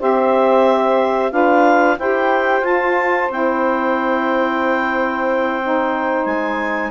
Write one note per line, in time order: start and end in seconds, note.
0.00 1.32 C4
0.00 1.31 G4
0.00 1.32 C5
0.00 1.32 E5
1.31 1.98 D4
1.31 1.97 F4
1.31 1.98 B4
1.31 1.98 F5
1.99 2.61 E4
1.99 2.63 G4
1.99 6.91 C5
1.99 2.65 G5
2.61 3.27 F4
2.61 3.29 F4
2.61 3.31 A5
3.30 6.26 C4
3.30 5.61 E4
3.30 6.26 G5
5.62 6.91 D#4
6.26 6.91 G#3
6.26 6.91 G#5